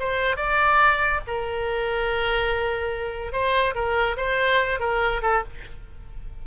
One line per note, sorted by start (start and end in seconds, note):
0.00 0.37 C5
0.37 1.21 D5
1.28 3.33 A#4
3.33 3.75 C5
3.75 4.17 A#4
4.17 4.80 C5
4.80 5.22 A#4
5.23 5.44 A4